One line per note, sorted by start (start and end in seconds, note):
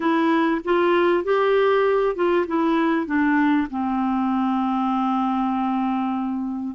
0.00 0.61 E4
0.64 1.24 F4
1.24 2.15 G4
2.15 2.46 F4
2.47 3.06 E4
3.06 3.67 D4
3.70 6.75 C4